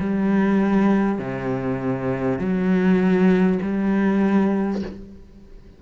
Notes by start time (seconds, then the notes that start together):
0.00 G3
1.19 C3
2.39 F#3
3.62 G3